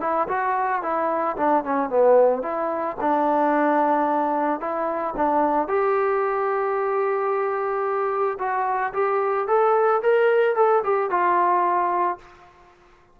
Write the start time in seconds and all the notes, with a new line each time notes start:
0.00 E4
0.28 F#4
0.82 E4
1.37 D4
1.63 C#4
1.89 B3
2.42 E4
3.00 D4
4.60 E4
5.16 D4
5.68 G4
8.38 F#4
8.93 G4
9.47 A4
10.02 A#4
10.55 A4
10.83 G4
11.10 F4